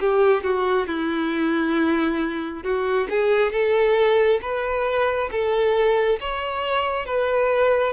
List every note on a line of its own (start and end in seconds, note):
0.00 0.43 G4
0.43 0.87 F#4
0.87 2.64 E4
2.64 3.08 F#4
3.10 3.52 G#4
3.52 4.40 A4
4.42 5.30 B4
5.31 6.20 A4
6.20 7.06 C#5
7.06 7.93 B4